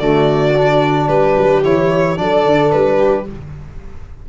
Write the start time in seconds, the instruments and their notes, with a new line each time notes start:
0.00 tuba D3, trombone A3, viola F#4, violin D5
0.55 trombone D4
1.09 tuba G3, viola G4, violin B4
1.37 tuba F#3
1.64 tuba E3, trombone E4, violin C#5
2.16 tuba F#3, trombone D4, viola A4, violin D5
2.45 tuba D3
2.72 tuba G3, violin B4
2.98 viola G4